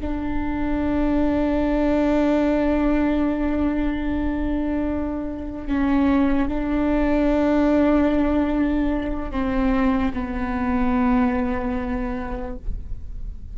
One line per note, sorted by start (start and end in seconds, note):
0.00 5.66 D4
5.66 6.48 C#4
6.48 9.31 D4
9.31 10.12 C4
10.13 12.56 B3